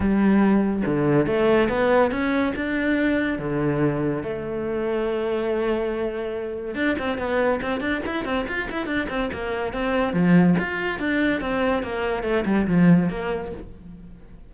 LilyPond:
\new Staff \with { instrumentName = "cello" } { \time 4/4 \tempo 4 = 142 g2 d4 a4 | b4 cis'4 d'2 | d2 a2~ | a1 |
d'8 c'8 b4 c'8 d'8 e'8 c'8 | f'8 e'8 d'8 c'8 ais4 c'4 | f4 f'4 d'4 c'4 | ais4 a8 g8 f4 ais4 | }